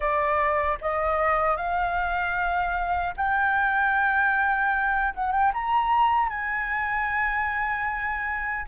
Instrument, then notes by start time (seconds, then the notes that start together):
flute
0.00 D5
0.81 D#5
1.56 F5
3.16 G5
5.14 F#5
5.32 G5
5.53 A#5
6.29 G#5